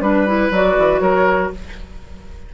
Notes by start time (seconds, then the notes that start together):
0.00 G3 D4 B4
0.26 E4
0.50 F#3 F#4 D5
0.78 E3
1.00 F#3 A#4 C#5